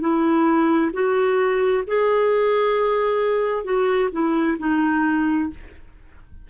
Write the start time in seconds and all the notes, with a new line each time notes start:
0.00 E4
0.93 F#4
1.87 G#4
3.64 F#4
4.12 E4
4.59 D#4